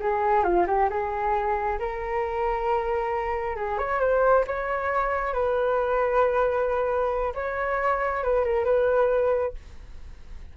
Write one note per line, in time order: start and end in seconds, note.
0.00 0.44 G#4
0.44 0.66 F4
0.67 0.89 G4
0.90 1.79 G#4
1.79 3.56 A#4
3.56 3.79 G#4
3.79 4.00 C#5
4.00 4.45 C5
4.47 5.34 C#5
5.34 7.34 B4
7.35 8.24 C#5
8.24 8.45 B4
8.45 8.65 A#4
8.65 9.54 B4